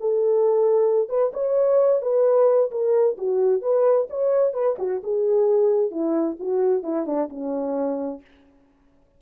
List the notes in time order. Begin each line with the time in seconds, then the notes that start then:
0.00 A4
1.09 B4
1.33 C#5
2.02 B4
2.71 A#4
3.18 F#4
3.62 B4
4.10 C#5
4.53 B4
4.79 F#4
5.03 G#4
5.91 E4
6.39 F#4
6.83 E4
7.06 D4
7.29 C#4